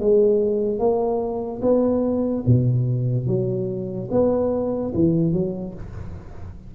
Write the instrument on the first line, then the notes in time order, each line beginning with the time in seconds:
tuba
0.00 G#3
0.79 A#3
1.62 B3
2.47 B2
3.27 F#3
4.11 B3
4.95 E3
5.33 F#3